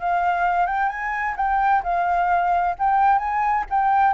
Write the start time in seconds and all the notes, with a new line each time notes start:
0.00 F5
0.67 G5
0.89 G#5
1.36 G5
1.83 F5
2.79 G5
3.18 G#5
3.70 G5